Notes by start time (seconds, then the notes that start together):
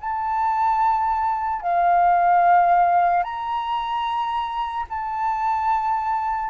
0.00 A5
1.62 F5
3.24 A#5
4.89 A5